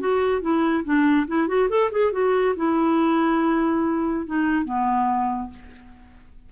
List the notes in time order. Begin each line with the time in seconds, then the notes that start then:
0.00 F#4
0.42 E4
0.84 D4
1.28 E4
1.48 F#4
1.70 A4
1.92 G#4
2.13 F#4
2.56 E4
4.27 D#4
4.65 B3